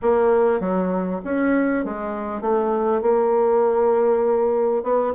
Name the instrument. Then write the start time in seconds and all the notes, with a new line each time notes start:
bassoon
0.02 A#3
0.60 F#3
1.24 C#4
1.84 G#3
2.41 A3
3.01 A#3
4.83 B3